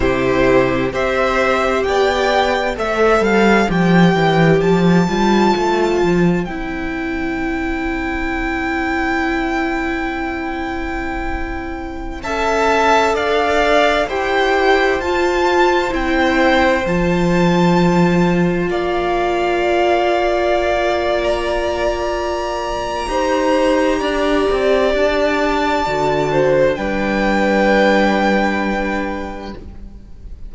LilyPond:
<<
  \new Staff \with { instrumentName = "violin" } { \time 4/4 \tempo 4 = 65 c''4 e''4 g''4 e''8 f''8 | g''4 a''2 g''4~ | g''1~ | g''4~ g''16 a''4 f''4 g''8.~ |
g''16 a''4 g''4 a''4.~ a''16~ | a''16 f''2~ f''8. ais''4~ | ais''2. a''4~ | a''4 g''2. | }
  \new Staff \with { instrumentName = "violin" } { \time 4/4 g'4 c''4 d''4 c''4~ | c''1~ | c''1~ | c''4~ c''16 e''4 d''4 c''8.~ |
c''1~ | c''16 d''2.~ d''8.~ | d''4 c''4 d''2~ | d''8 c''8 b'2. | }
  \new Staff \with { instrumentName = "viola" } { \time 4/4 e'4 g'2 a'4 | g'4. f'4. e'4~ | e'1~ | e'4~ e'16 a'2 g'8.~ |
g'16 f'4 e'4 f'4.~ f'16~ | f'1~ | f'4 g'2. | fis'4 d'2. | }
  \new Staff \with { instrumentName = "cello" } { \time 4/4 c4 c'4 b4 a8 g8 | f8 e8 f8 g8 a8 f8 c'4~ | c'1~ | c'4~ c'16 cis'4 d'4 e'8.~ |
e'16 f'4 c'4 f4.~ f16~ | f16 ais2.~ ais8.~ | ais4 dis'4 d'8 c'8 d'4 | d4 g2. | }
>>